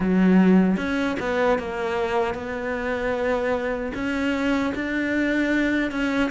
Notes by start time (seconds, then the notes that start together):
0.00 F#3
0.77 C#4
1.19 B3
1.58 A#3
2.34 B3
3.94 C#4
4.74 D4
5.91 C#4